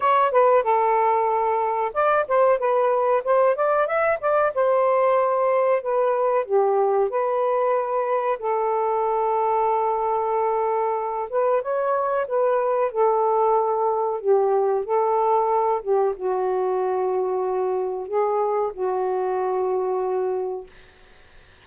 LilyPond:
\new Staff \with { instrumentName = "saxophone" } { \time 4/4 \tempo 4 = 93 cis''8 b'8 a'2 d''8 c''8 | b'4 c''8 d''8 e''8 d''8 c''4~ | c''4 b'4 g'4 b'4~ | b'4 a'2.~ |
a'4. b'8 cis''4 b'4 | a'2 g'4 a'4~ | a'8 g'8 fis'2. | gis'4 fis'2. | }